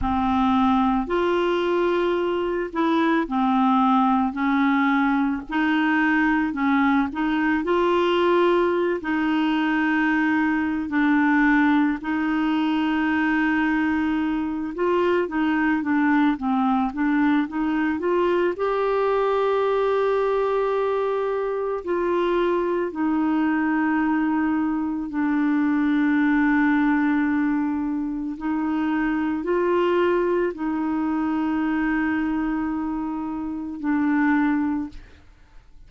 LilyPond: \new Staff \with { instrumentName = "clarinet" } { \time 4/4 \tempo 4 = 55 c'4 f'4. e'8 c'4 | cis'4 dis'4 cis'8 dis'8 f'4~ | f'16 dis'4.~ dis'16 d'4 dis'4~ | dis'4. f'8 dis'8 d'8 c'8 d'8 |
dis'8 f'8 g'2. | f'4 dis'2 d'4~ | d'2 dis'4 f'4 | dis'2. d'4 | }